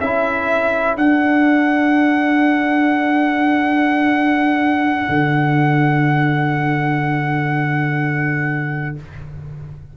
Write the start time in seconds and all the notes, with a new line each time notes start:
0.00 C#4 E4 A4 E5
0.96 D4 F#5
5.09 D3